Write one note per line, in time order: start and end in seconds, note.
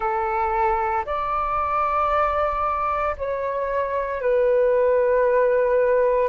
0.00 1.05 A4
1.05 3.16 D5
3.17 4.21 C#5
4.21 6.29 B4